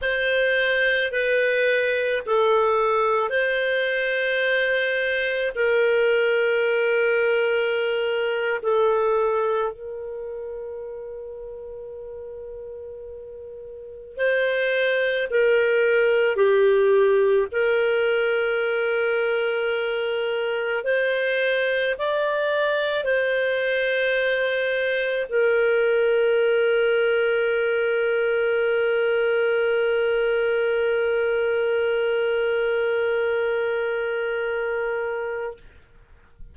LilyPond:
\new Staff \with { instrumentName = "clarinet" } { \time 4/4 \tempo 4 = 54 c''4 b'4 a'4 c''4~ | c''4 ais'2~ ais'8. a'16~ | a'8. ais'2.~ ais'16~ | ais'8. c''4 ais'4 g'4 ais'16~ |
ais'2~ ais'8. c''4 d''16~ | d''8. c''2 ais'4~ ais'16~ | ais'1~ | ais'1 | }